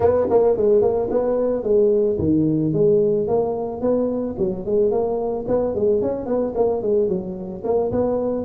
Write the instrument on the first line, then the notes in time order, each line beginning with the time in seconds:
tuba
0.00 B3
0.30 A#3
0.56 G#3
0.81 A#3
1.10 B3
1.63 G#3
2.18 D#3
2.73 G#3
3.27 A#3
3.81 B3
4.38 F#3
4.65 G#3
4.91 A#3
5.47 B3
5.74 G#3
6.01 C#4
6.26 B3
6.55 A#3
6.82 G#3
7.08 F#3
7.64 A#3
7.91 B3